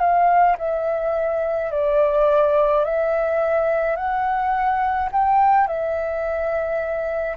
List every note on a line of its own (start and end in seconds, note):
0.00 0.57 F5
0.58 1.71 E5
1.72 2.85 D5
2.85 3.97 E5
3.97 5.10 F#5
5.13 5.68 G5
5.68 7.37 E5